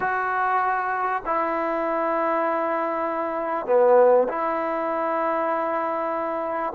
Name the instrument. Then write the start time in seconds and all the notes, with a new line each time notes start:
trombone
0.00 F#4
1.25 E4
3.66 B3
4.28 E4